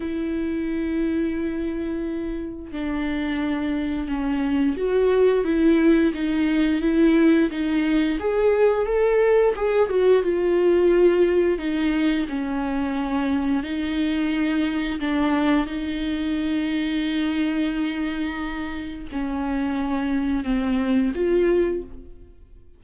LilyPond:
\new Staff \with { instrumentName = "viola" } { \time 4/4 \tempo 4 = 88 e'1 | d'2 cis'4 fis'4 | e'4 dis'4 e'4 dis'4 | gis'4 a'4 gis'8 fis'8 f'4~ |
f'4 dis'4 cis'2 | dis'2 d'4 dis'4~ | dis'1 | cis'2 c'4 f'4 | }